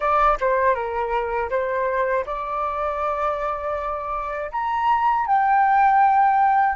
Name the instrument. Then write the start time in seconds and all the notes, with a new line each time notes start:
flute
0.00 D5
0.40 C5
0.74 A#4
1.50 C5
2.25 D5
4.51 A#5
5.26 G5